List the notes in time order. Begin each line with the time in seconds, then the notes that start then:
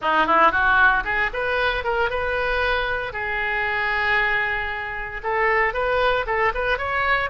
0.01 D#4
0.26 E4
0.51 F#4
1.04 G#4
1.33 B4
1.84 A#4
2.10 B4
3.12 G#4
5.23 A4
5.73 B4
6.26 A4
6.54 B4
6.78 C#5